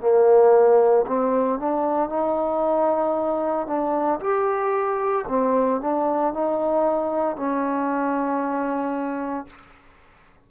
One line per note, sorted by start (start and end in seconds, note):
0.00 1.05 A#3
1.07 1.59 C4
1.59 2.09 D4
2.09 3.67 D#4
3.67 4.20 D4
4.20 5.25 G4
5.28 5.80 C4
5.81 6.33 D4
6.33 7.36 D#4
7.36 9.47 C#4